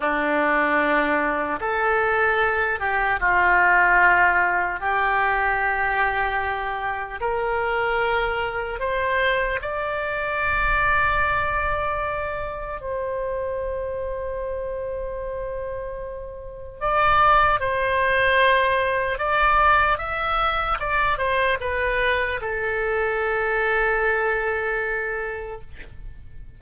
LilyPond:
\new Staff \with { instrumentName = "oboe" } { \time 4/4 \tempo 4 = 75 d'2 a'4. g'8 | f'2 g'2~ | g'4 ais'2 c''4 | d''1 |
c''1~ | c''4 d''4 c''2 | d''4 e''4 d''8 c''8 b'4 | a'1 | }